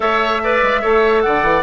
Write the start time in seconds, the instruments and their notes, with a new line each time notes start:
0.00 bassoon A3, clarinet A4, oboe C#5, flute E5
0.43 clarinet B4, oboe D5
0.63 bassoon G#3
0.81 bassoon A3, clarinet A4, oboe C#5
1.21 bassoon D3, oboe D5, flute F#5
1.42 bassoon E3